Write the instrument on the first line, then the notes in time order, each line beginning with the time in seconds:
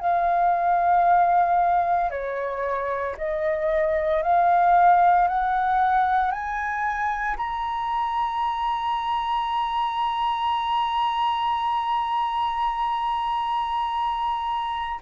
flute
0.00 F5
2.11 C#5
3.17 D#5
4.22 F5
5.28 F#5
6.31 G#5
7.37 A#5